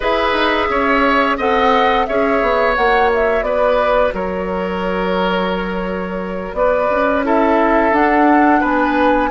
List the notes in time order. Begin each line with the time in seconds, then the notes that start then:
0.00 E4 G#4 B4 E5
0.32 D#4
0.69 C#4 C#5
1.37 C4 A4 D#5 F#5
2.06 C#4 G#4 C#5 E5
2.42 B3
2.75 A#3 F#4 F#5
3.14 E5
3.41 B3 B4 D5
4.13 F#3 A#4 C#5
6.53 B3 B4 D5
6.90 C#4
7.23 E4 A4 E5
7.92 D4 F#5
8.60 B3 B4 G#5